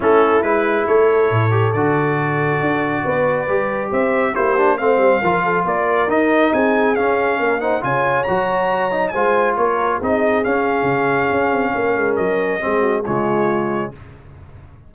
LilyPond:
<<
  \new Staff \with { instrumentName = "trumpet" } { \time 4/4 \tempo 4 = 138 a'4 b'4 cis''2 | d''1~ | d''4 e''4 c''4 f''4~ | f''4 d''4 dis''4 gis''4 |
f''4. fis''8 gis''4 ais''4~ | ais''4 gis''4 cis''4 dis''4 | f''1 | dis''2 cis''2 | }
  \new Staff \with { instrumentName = "horn" } { \time 4/4 e'2 a'2~ | a'2. b'4~ | b'4 c''4 g'4 c''4 | ais'8 a'8 ais'2 gis'4~ |
gis'4 ais'8 c''8 cis''2~ | cis''4 c''4 ais'4 gis'4~ | gis'2. ais'4~ | ais'4 gis'8 fis'8 f'2 | }
  \new Staff \with { instrumentName = "trombone" } { \time 4/4 cis'4 e'2~ e'8 g'8 | fis'1 | g'2 e'8 d'8 c'4 | f'2 dis'2 |
cis'4. dis'8 f'4 fis'4~ | fis'8 dis'8 f'2 dis'4 | cis'1~ | cis'4 c'4 gis2 | }
  \new Staff \with { instrumentName = "tuba" } { \time 4/4 a4 gis4 a4 a,4 | d2 d'4 b4 | g4 c'4 ais4 a8 g8 | f4 ais4 dis'4 c'4 |
cis'4 ais4 cis4 fis4~ | fis4 gis4 ais4 c'4 | cis'4 cis4 cis'8 c'8 ais8 gis8 | fis4 gis4 cis2 | }
>>